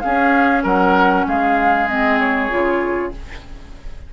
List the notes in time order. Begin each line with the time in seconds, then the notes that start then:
0.00 C#4 G#4 F5
0.63 F#3 A#4 F#5
1.27 G#3 G#4 F5
1.88 C4 D#5
2.19 C#5
2.49 C#3 F4